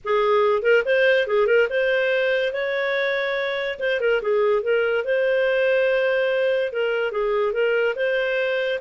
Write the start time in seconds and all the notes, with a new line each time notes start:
0.04 G#4
0.62 A#4
0.85 C5
1.27 G#4
1.47 A#4
1.69 C5
2.53 C#5
3.79 C5
4.00 A#4
4.22 G#4
4.62 A#4
5.04 C5
6.72 A#4
7.11 G#4
7.53 A#4
7.95 C5